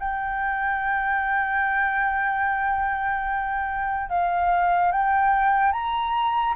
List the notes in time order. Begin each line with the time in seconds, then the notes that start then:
0.00 G5
4.10 F5
4.92 G5
5.72 A#5